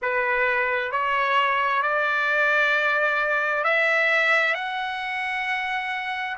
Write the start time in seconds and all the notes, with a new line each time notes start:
0.02 B4
0.91 C#5
1.82 D5
3.64 E5
4.54 F#5